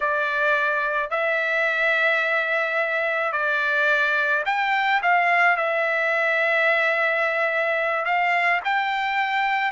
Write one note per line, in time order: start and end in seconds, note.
0.00 1.10 D5
1.10 3.32 E5
3.32 4.43 D5
4.45 5.01 G5
5.02 5.57 F5
5.57 8.05 E5
8.05 8.60 F5
8.64 9.71 G5